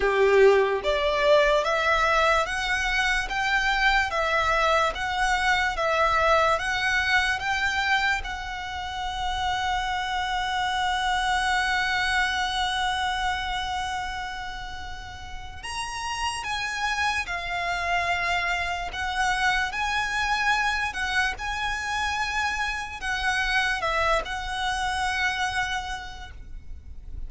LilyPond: \new Staff \with { instrumentName = "violin" } { \time 4/4 \tempo 4 = 73 g'4 d''4 e''4 fis''4 | g''4 e''4 fis''4 e''4 | fis''4 g''4 fis''2~ | fis''1~ |
fis''2. ais''4 | gis''4 f''2 fis''4 | gis''4. fis''8 gis''2 | fis''4 e''8 fis''2~ fis''8 | }